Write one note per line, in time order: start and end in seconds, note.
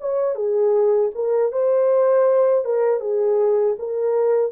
0.00 0.35 C#5
0.35 1.11 G#4
1.15 1.52 A#4
1.52 2.64 C5
2.64 3.00 A#4
3.00 3.76 G#4
3.79 4.52 A#4